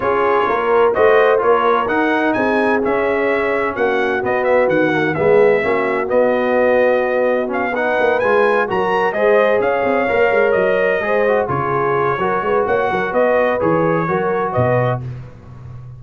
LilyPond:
<<
  \new Staff \with { instrumentName = "trumpet" } { \time 4/4 \tempo 4 = 128 cis''2 dis''4 cis''4 | fis''4 gis''4 e''2 | fis''4 dis''8 e''8 fis''4 e''4~ | e''4 dis''2. |
f''8 fis''4 gis''4 ais''4 dis''8~ | dis''8 f''2 dis''4.~ | dis''8 cis''2~ cis''8 fis''4 | dis''4 cis''2 dis''4 | }
  \new Staff \with { instrumentName = "horn" } { \time 4/4 gis'4 ais'4 c''4 ais'4~ | ais'4 gis'2. | fis'2. gis'4 | fis'1~ |
fis'8 b'2 ais'4 c''8~ | c''8 cis''2. c''8~ | c''8 gis'4. ais'8 b'8 cis''8 ais'8 | b'2 ais'4 b'4 | }
  \new Staff \with { instrumentName = "trombone" } { \time 4/4 f'2 fis'4 f'4 | dis'2 cis'2~ | cis'4 b4. ais8 b4 | cis'4 b2. |
cis'8 dis'4 f'4 fis'4 gis'8~ | gis'4. ais'2 gis'8 | fis'8 f'4. fis'2~ | fis'4 gis'4 fis'2 | }
  \new Staff \with { instrumentName = "tuba" } { \time 4/4 cis'4 ais4 a4 ais4 | dis'4 c'4 cis'2 | ais4 b4 dis4 gis4 | ais4 b2.~ |
b4 ais8 gis4 fis4 gis8~ | gis8 cis'8 c'8 ais8 gis8 fis4 gis8~ | gis8 cis4. fis8 gis8 ais8 fis8 | b4 e4 fis4 b,4 | }
>>